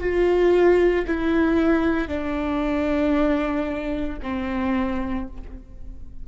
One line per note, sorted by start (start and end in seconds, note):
0.00 1.05 F4
1.07 2.08 E4
2.08 4.19 D4
4.22 5.27 C4